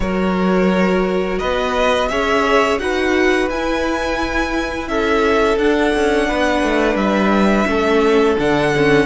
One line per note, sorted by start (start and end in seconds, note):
0.00 1.39 F#3
0.00 2.09 F#4
0.00 1.38 A#4
0.00 1.38 C#5
1.38 2.11 B3
1.38 2.08 B4
1.38 2.08 D#5
2.08 2.79 C#4
2.08 2.79 G#4
2.08 2.81 C#5
2.08 2.78 E5
2.79 3.48 D#4
2.79 3.49 F#4
2.79 4.89 B4
2.79 3.48 F#5
3.48 4.88 E4
3.48 5.60 E4
3.48 4.88 G#5
4.88 5.57 C#4
4.88 6.28 A4
4.88 5.58 E5
5.57 5.92 D4
5.57 7.67 D4
5.57 6.96 F#5
5.95 6.30 C#4
6.28 6.62 B3
6.28 7.67 B4
6.62 6.95 A3
6.95 7.65 G3
6.95 8.35 E5
7.66 8.36 A3
7.66 8.37 C#4
7.66 9.06 A4
8.38 9.06 D3
8.38 8.74 D4
8.38 9.06 F#5
8.75 9.06 C#4